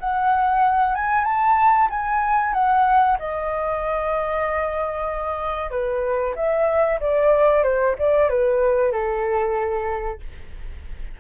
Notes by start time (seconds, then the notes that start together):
0.00 F#5
0.95 G#5
1.25 A5
1.90 G#5
2.54 F#5
3.19 D#5
5.71 B4
6.36 E5
7.01 D5
7.64 C5
7.99 D5
8.30 B4
8.92 A4